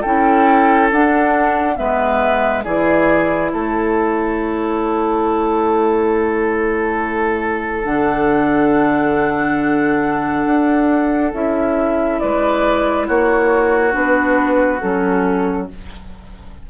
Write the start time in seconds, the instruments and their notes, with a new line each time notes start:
0.00 bassoon C#4, clarinet E4, oboe A4, flute G5
0.91 bassoon D4, clarinet D4, flute F#5
1.76 bassoon G#3, clarinet B3, oboe B4, flute E5
2.64 bassoon E3, clarinet E4, oboe G#4, flute D5
3.51 bassoon A3, oboe A4, flute C#5
7.84 bassoon D3, clarinet D4, flute F#5
10.45 bassoon D4
11.33 bassoon C#4, clarinet E4, flute E5
12.19 bassoon G#3, oboe B4, flute D5
13.07 bassoon A#3, oboe F#4, flute C#5
13.91 bassoon B3, clarinet D4
13.98 flute B4
14.80 bassoon F#3, clarinet C#4, flute A4